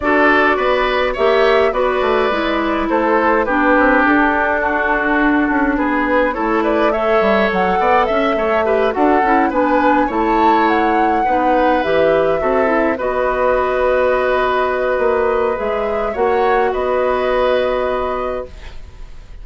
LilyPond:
<<
  \new Staff \with { instrumentName = "flute" } { \time 4/4 \tempo 4 = 104 d''2 e''4 d''4~ | d''4 c''4 b'4 a'4~ | a'2 b'4 cis''8 d''8 | e''4 fis''4 e''4. fis''8~ |
fis''8 gis''4 a''4 fis''4.~ | fis''8 e''2 dis''4.~ | dis''2. e''4 | fis''4 dis''2. | }
  \new Staff \with { instrumentName = "oboe" } { \time 4/4 a'4 b'4 cis''4 b'4~ | b'4 a'4 g'2 | fis'2 gis'4 a'8 b'8 | cis''4. d''8 e''8 cis''8 b'8 a'8~ |
a'8 b'4 cis''2 b'8~ | b'4. a'4 b'4.~ | b'1 | cis''4 b'2. | }
  \new Staff \with { instrumentName = "clarinet" } { \time 4/4 fis'2 g'4 fis'4 | e'2 d'2~ | d'2. e'4 | a'2. g'8 fis'8 |
e'8 d'4 e'2 dis'8~ | dis'8 g'4 fis'8 e'8 fis'4.~ | fis'2. gis'4 | fis'1 | }
  \new Staff \with { instrumentName = "bassoon" } { \time 4/4 d'4 b4 ais4 b8 a8 | gis4 a4 b8 c'8 d'4~ | d'4. cis'8 b4 a4~ | a8 g8 fis8 b8 cis'8 a4 d'8 |
cis'8 b4 a2 b8~ | b8 e4 c'4 b4.~ | b2 ais4 gis4 | ais4 b2. | }
>>